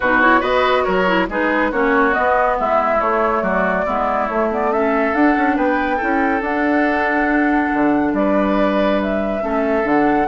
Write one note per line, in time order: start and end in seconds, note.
0.00 0.42 B2
0.00 0.22 D#4
0.00 0.40 F#4
0.00 0.21 B4
0.21 0.40 E4
0.21 0.42 C#5
0.40 0.85 B3
0.40 1.04 F#4
0.40 0.83 B4
0.40 0.84 D#5
0.84 1.28 F#3
0.84 1.27 A#4
0.84 1.26 C#5
1.06 1.28 E4
1.28 1.71 G#3
1.28 1.72 D#4
1.28 1.71 G#4
1.28 1.71 B4
1.71 2.14 A#3
1.71 2.12 C#4
1.71 2.57 F#4
1.71 2.13 C#5
2.12 2.97 B3
2.12 2.59 B3
2.12 2.56 D#5
2.59 3.00 G#3
2.59 3.42 E4
2.59 3.00 E5
3.00 3.42 A3
3.00 3.86 A3
3.00 3.43 C#5
3.42 3.84 F#3
3.42 3.85 F#4
3.42 4.26 D5
3.85 4.28 G#3
3.85 4.29 B3
3.85 4.70 E4
4.26 5.13 A3
4.26 4.51 A3
4.26 4.48 C#5
4.51 4.72 B3
4.51 4.72 D5
4.72 5.14 C#4
4.72 5.56 A4
4.72 5.13 E5
5.13 5.35 D4
5.13 5.99 D4
5.13 5.56 F#5
5.37 5.56 C#4
5.56 5.99 B3
5.56 5.96 B4
5.56 6.43 G5
5.96 6.42 E4
5.96 8.11 A4
6.03 6.41 C#4
6.41 7.69 D4
6.41 9.42 D4
6.41 8.14 F#5
7.73 8.13 D3
8.13 9.41 G3
8.13 9.43 B4
8.13 9.00 D5
9.02 9.87 E5
9.42 9.83 A3
9.42 9.83 C#4
9.42 10.27 A4
9.83 10.26 D3
9.83 10.26 D4
9.83 10.27 F#5